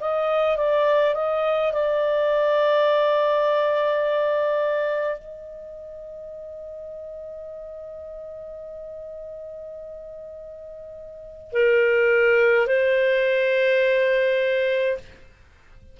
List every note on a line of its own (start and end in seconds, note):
0.00 0.57 D#5
0.57 1.14 D5
1.15 1.73 D#5
1.73 5.19 D5
5.19 11.53 D#5
11.53 12.67 A#4
12.67 14.98 C5